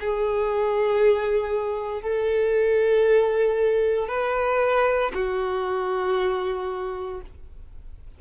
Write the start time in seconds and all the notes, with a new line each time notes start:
0.00 G#4
2.01 A4
4.08 B4
5.14 F#4